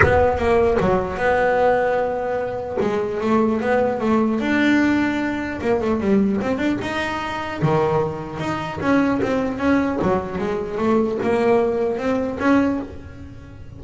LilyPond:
\new Staff \with { instrumentName = "double bass" } { \time 4/4 \tempo 4 = 150 b4 ais4 fis4 b4~ | b2. gis4 | a4 b4 a4 d'4~ | d'2 ais8 a8 g4 |
c'8 d'8 dis'2 dis4~ | dis4 dis'4 cis'4 c'4 | cis'4 fis4 gis4 a4 | ais2 c'4 cis'4 | }